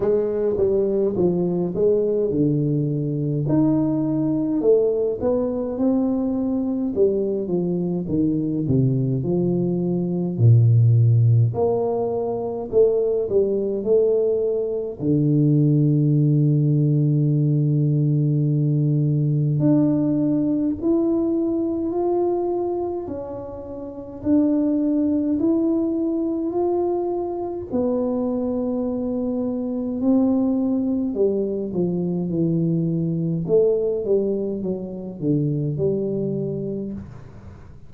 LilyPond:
\new Staff \with { instrumentName = "tuba" } { \time 4/4 \tempo 4 = 52 gis8 g8 f8 gis8 d4 dis'4 | a8 b8 c'4 g8 f8 dis8 c8 | f4 ais,4 ais4 a8 g8 | a4 d2.~ |
d4 d'4 e'4 f'4 | cis'4 d'4 e'4 f'4 | b2 c'4 g8 f8 | e4 a8 g8 fis8 d8 g4 | }